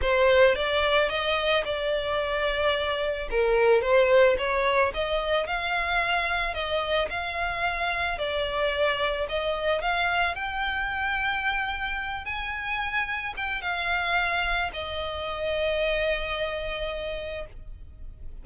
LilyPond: \new Staff \with { instrumentName = "violin" } { \time 4/4 \tempo 4 = 110 c''4 d''4 dis''4 d''4~ | d''2 ais'4 c''4 | cis''4 dis''4 f''2 | dis''4 f''2 d''4~ |
d''4 dis''4 f''4 g''4~ | g''2~ g''8 gis''4.~ | gis''8 g''8 f''2 dis''4~ | dis''1 | }